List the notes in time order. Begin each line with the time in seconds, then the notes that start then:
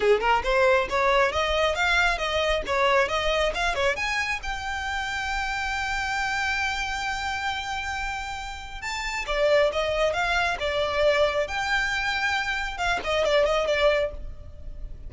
0.00 G#4
0.20 A#4
0.43 C5
0.89 C#5
1.32 D#5
1.75 F5
2.18 D#5
2.66 C#5
3.08 D#5
3.54 F5
3.74 C#5
3.96 G#5
4.42 G5
8.81 A5
9.26 D5
9.72 D#5
10.13 F5
10.59 D5
11.47 G5
12.77 F5
13.03 D#5
13.24 D5
13.45 D#5
13.66 D5